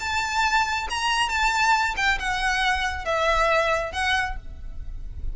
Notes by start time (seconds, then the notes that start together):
0.00 A5
0.90 A#5
1.29 A5
1.97 G5
2.19 F#5
3.05 E5
3.93 F#5